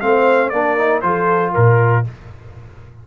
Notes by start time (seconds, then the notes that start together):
0.00 A3 C4 C5 F5
0.49 A#3 D4 A#4 D5
0.77 D#4
1.01 F3 F4 A4 C5
1.52 A#2 A#4